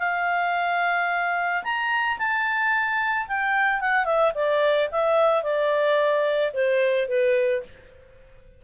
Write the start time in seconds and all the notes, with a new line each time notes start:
0.00 F5
1.64 A#5
2.19 A5
3.28 G5
3.81 F#5
4.06 E5
4.35 D5
4.92 E5
5.44 D5
6.54 C5
7.09 B4